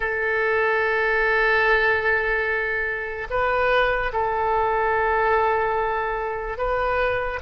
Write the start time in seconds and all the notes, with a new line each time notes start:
0.00 A4
3.30 B4
4.12 A4
6.57 B4